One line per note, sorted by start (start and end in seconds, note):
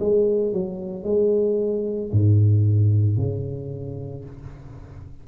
0.00 0.53 G#3
0.53 1.04 F#3
1.04 2.11 G#3
2.12 3.17 G#2
3.17 4.25 C#3